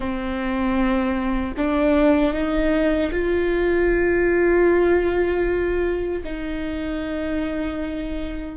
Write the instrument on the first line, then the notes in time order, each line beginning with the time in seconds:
viola
0.00 C4
1.57 D4
2.33 D#4
3.11 F4
6.23 D#4